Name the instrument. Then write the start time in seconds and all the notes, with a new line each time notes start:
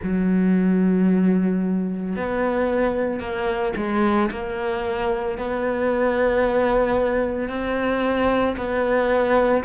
cello
0.03 F#3
2.16 B3
3.19 A#3
3.76 G#3
4.31 A#3
5.38 B3
7.49 C4
8.56 B3